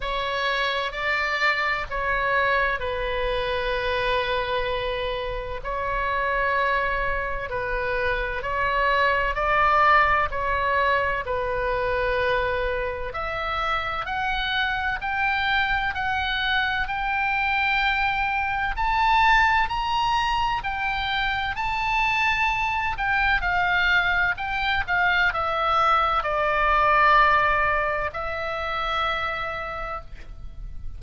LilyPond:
\new Staff \with { instrumentName = "oboe" } { \time 4/4 \tempo 4 = 64 cis''4 d''4 cis''4 b'4~ | b'2 cis''2 | b'4 cis''4 d''4 cis''4 | b'2 e''4 fis''4 |
g''4 fis''4 g''2 | a''4 ais''4 g''4 a''4~ | a''8 g''8 f''4 g''8 f''8 e''4 | d''2 e''2 | }